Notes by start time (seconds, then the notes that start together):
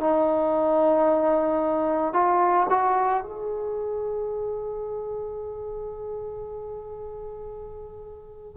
0.00 D#4
2.13 F4
2.69 F#4
3.22 G#4